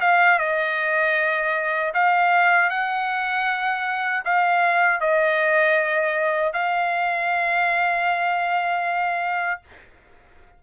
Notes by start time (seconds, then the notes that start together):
0.00 F5
0.38 D#5
1.94 F5
2.70 F#5
4.24 F5
5.00 D#5
6.53 F5